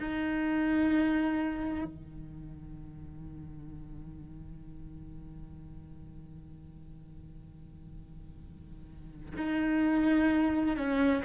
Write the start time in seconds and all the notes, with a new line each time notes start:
0.00 D#4
1.85 D#3
9.37 D#4
10.77 C#4